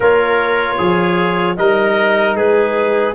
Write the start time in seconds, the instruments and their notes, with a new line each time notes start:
0.00 tuba A#3, trombone F4, trumpet A#4, clarinet C#5
0.77 tuba F3, trumpet G#4
1.56 tuba G3, trombone D#4, trumpet A#4, clarinet D#5
2.35 tuba G#3, trumpet G#4, clarinet B4